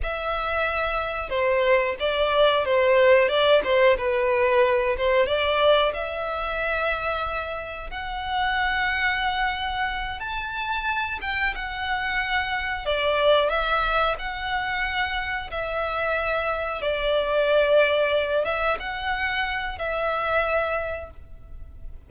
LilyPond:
\new Staff \with { instrumentName = "violin" } { \time 4/4 \tempo 4 = 91 e''2 c''4 d''4 | c''4 d''8 c''8 b'4. c''8 | d''4 e''2. | fis''2.~ fis''8 a''8~ |
a''4 g''8 fis''2 d''8~ | d''8 e''4 fis''2 e''8~ | e''4. d''2~ d''8 | e''8 fis''4. e''2 | }